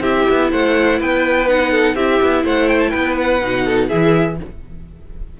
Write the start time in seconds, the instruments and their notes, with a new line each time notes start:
0.00 cello C4, viola E4, violin G4 E5
0.29 cello B3
0.51 cello A3, violin C5 F#5
0.99 cello B3, violin B4 G5
1.48 viola D#4, violin F#5
1.71 violin A4
1.95 cello C4, viola E4, violin G4 E5
2.22 cello B3
2.44 cello A3, violin C5 F#5
2.69 violin G5
2.80 violin A5
2.90 cello B3, violin B4 G5
3.17 violin F#5
3.41 cello B2, viola D#4
3.65 violin A4
3.88 cello E3, viola E4, violin G#4 E5